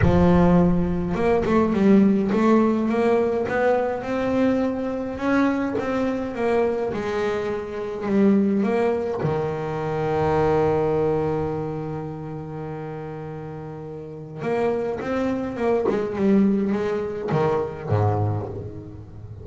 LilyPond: \new Staff \with { instrumentName = "double bass" } { \time 4/4 \tempo 4 = 104 f2 ais8 a8 g4 | a4 ais4 b4 c'4~ | c'4 cis'4 c'4 ais4 | gis2 g4 ais4 |
dis1~ | dis1~ | dis4 ais4 c'4 ais8 gis8 | g4 gis4 dis4 gis,4 | }